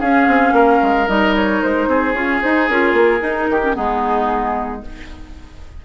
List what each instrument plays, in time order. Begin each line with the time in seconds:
0.00 clarinet C#4, bassoon C#4, oboe G#4, flute F5
0.27 bassoon C4
0.52 bassoon A#3, oboe A#4
0.82 bassoon G#3
1.07 bassoon G3, clarinet D#4, flute D#5
1.35 flute C#5
1.62 bassoon G#3, flute C5
1.87 bassoon C4, oboe G#4
2.13 clarinet C#4, bassoon F4, flute C#5
2.41 clarinet D#4, bassoon D#4, flute C5
2.68 bassoon C#4, clarinet F4, flute A#4
2.93 bassoon A#3
3.20 clarinet D#4, bassoon D#4
3.49 bassoon D#3, oboe G4
3.61 clarinet C#4
3.74 bassoon G#3, clarinet B3, oboe D#4, flute G#4